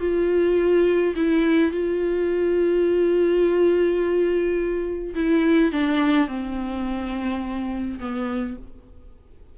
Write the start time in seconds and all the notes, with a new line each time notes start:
0.00 F4
1.16 E4
1.72 F4
5.15 E4
5.72 D4
6.28 C4
8.00 B3